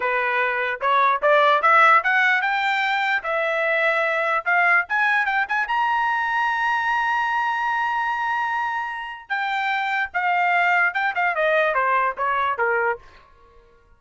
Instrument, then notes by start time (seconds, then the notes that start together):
trumpet
0.00 B4
0.80 C#5
1.22 D5
1.62 E5
2.03 F#5
2.41 G5
3.23 E5
4.45 F5
4.89 G#5
5.25 G5
5.48 G#5
5.67 A#5
9.29 G5
10.13 F5
10.93 G5
11.15 F5
11.35 D#5
11.74 C5
12.17 C#5
12.58 A#4